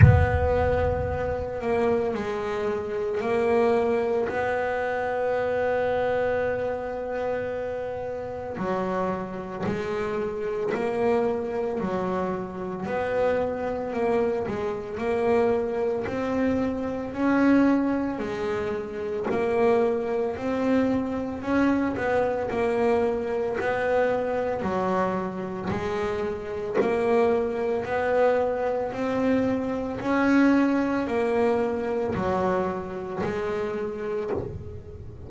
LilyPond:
\new Staff \with { instrumentName = "double bass" } { \time 4/4 \tempo 4 = 56 b4. ais8 gis4 ais4 | b1 | fis4 gis4 ais4 fis4 | b4 ais8 gis8 ais4 c'4 |
cis'4 gis4 ais4 c'4 | cis'8 b8 ais4 b4 fis4 | gis4 ais4 b4 c'4 | cis'4 ais4 fis4 gis4 | }